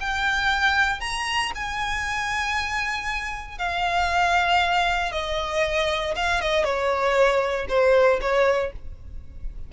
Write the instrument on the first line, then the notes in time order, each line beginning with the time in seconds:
violin
0.00 G5
1.00 A#5
1.55 G#5
3.58 F5
5.12 D#5
6.16 F5
6.41 D#5
6.64 C#5
7.69 C5
8.21 C#5